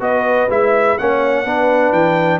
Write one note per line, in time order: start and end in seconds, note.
0.00 0.48 B3
0.00 0.48 F#4
0.00 1.00 B4
0.00 0.50 D#5
0.50 0.98 G#3
0.50 0.99 E4
0.50 0.98 E5
0.98 1.45 A#3
0.98 1.46 C#4
0.98 1.47 C#5
0.98 1.92 F#5
1.45 1.92 B3
1.45 2.40 D4
1.45 2.40 B4
1.92 2.40 E3
1.92 2.40 G5